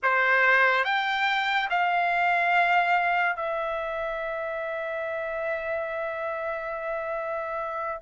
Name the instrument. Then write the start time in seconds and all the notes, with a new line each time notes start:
trumpet
0.02 C5
0.84 G5
1.70 F5
3.36 E5